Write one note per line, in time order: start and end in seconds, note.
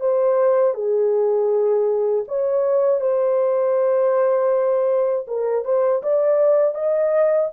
0.00 0.74 C5
0.74 2.24 G#4
2.28 3.01 C#5
3.01 5.26 C5
5.27 5.65 A#4
5.65 6.02 C5
6.02 6.75 D5
6.75 7.50 D#5